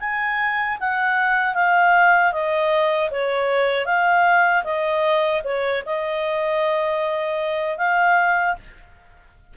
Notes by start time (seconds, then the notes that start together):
0.00 G#5
0.80 F#5
1.54 F5
2.32 D#5
3.11 C#5
3.86 F5
4.64 D#5
5.44 C#5
5.86 D#5
7.78 F5